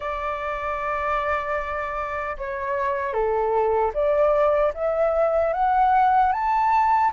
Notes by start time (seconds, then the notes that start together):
0.00 D5
2.37 C#5
3.13 A4
3.94 D5
4.74 E5
5.53 F#5
6.32 A5